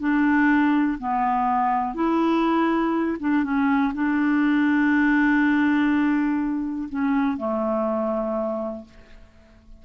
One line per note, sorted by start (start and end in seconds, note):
0.00 0.98 D4
0.99 1.95 B3
1.95 3.18 E4
3.20 3.44 D4
3.44 3.93 C#4
3.94 6.89 D4
6.90 7.38 C#4
7.38 8.85 A3